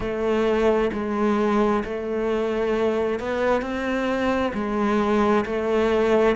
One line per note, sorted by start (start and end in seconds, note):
0.00 0.90 A3
0.92 1.83 G#3
1.84 3.19 A3
3.19 3.61 B3
3.61 4.52 C4
4.54 5.45 G#3
5.45 6.36 A3